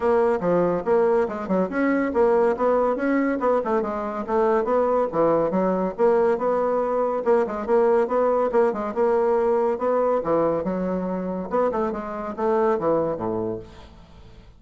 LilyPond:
\new Staff \with { instrumentName = "bassoon" } { \time 4/4 \tempo 4 = 141 ais4 f4 ais4 gis8 fis8 | cis'4 ais4 b4 cis'4 | b8 a8 gis4 a4 b4 | e4 fis4 ais4 b4~ |
b4 ais8 gis8 ais4 b4 | ais8 gis8 ais2 b4 | e4 fis2 b8 a8 | gis4 a4 e4 a,4 | }